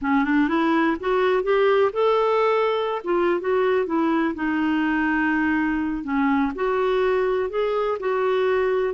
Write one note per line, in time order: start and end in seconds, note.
0.01 0.24 C#4
0.24 0.48 D4
0.48 0.97 E4
0.99 1.43 F#4
1.43 1.91 G4
1.92 3.01 A4
3.04 3.40 F4
3.40 3.86 F#4
3.86 4.34 E4
4.35 6.03 D#4
6.03 6.51 C#4
6.55 7.49 F#4
7.49 7.98 G#4
7.99 8.94 F#4